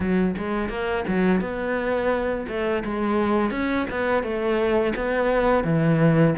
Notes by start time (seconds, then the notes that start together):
0.00 F#3
0.37 G#3
0.69 A#3
1.07 F#3
1.40 B3
2.48 A3
2.84 G#3
3.51 C#4
3.90 B3
4.23 A3
4.95 B3
5.63 E3